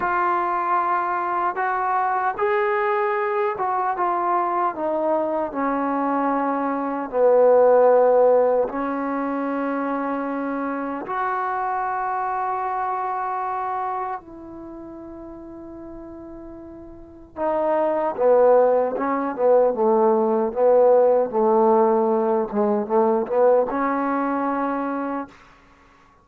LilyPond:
\new Staff \with { instrumentName = "trombone" } { \time 4/4 \tempo 4 = 76 f'2 fis'4 gis'4~ | gis'8 fis'8 f'4 dis'4 cis'4~ | cis'4 b2 cis'4~ | cis'2 fis'2~ |
fis'2 e'2~ | e'2 dis'4 b4 | cis'8 b8 a4 b4 a4~ | a8 gis8 a8 b8 cis'2 | }